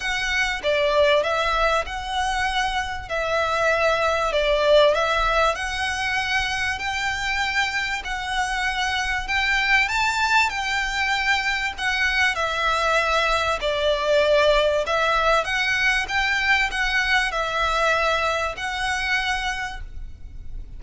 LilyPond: \new Staff \with { instrumentName = "violin" } { \time 4/4 \tempo 4 = 97 fis''4 d''4 e''4 fis''4~ | fis''4 e''2 d''4 | e''4 fis''2 g''4~ | g''4 fis''2 g''4 |
a''4 g''2 fis''4 | e''2 d''2 | e''4 fis''4 g''4 fis''4 | e''2 fis''2 | }